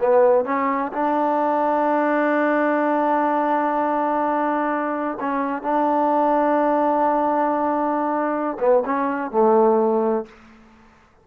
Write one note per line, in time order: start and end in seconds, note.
0.00 0.45 B3
0.45 0.92 C#4
0.93 5.18 D4
5.20 5.62 C#4
5.62 8.57 D4
8.59 8.83 B3
8.85 9.31 C#4
9.31 10.25 A3